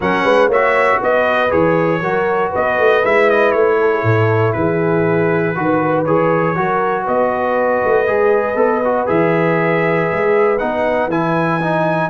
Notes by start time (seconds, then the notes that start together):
0.00 F#3 C#4 A#4 F#5
0.24 G#3 B4
0.48 A#3 F#4 C#5 E5
1.01 B3 B4 D#5
1.49 E3 G#4 C#5
2.01 F#3 F#4 A#4
2.50 B3 B4 D#5
2.78 A3
3.03 G#3 E4 E5
3.30 D#5
3.51 A3 C#5
3.80 A4
3.91 G#4
4.03 A2 A4
4.52 E3 G#4 B4
5.55 D#3 F#4 B4
6.05 E3 G#4 C#5
6.55 F#3 F#4 A#4
7.03 B3 B4 D#5
7.84 A3
8.07 G#3 G#4
8.55 B3 A4
8.84 F#4
9.06 E3 G#4 E5
10.11 G#3
10.58 B3 D#4 F#5
11.07 E3 E4 G#5
11.61 D#4